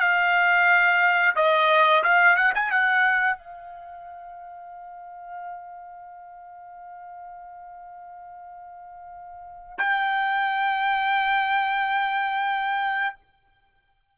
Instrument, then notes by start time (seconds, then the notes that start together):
trumpet
0.00 F5
1.36 D#5
2.04 F5
2.36 F#5
2.55 G#5
2.71 F#5
3.38 F5
9.79 G5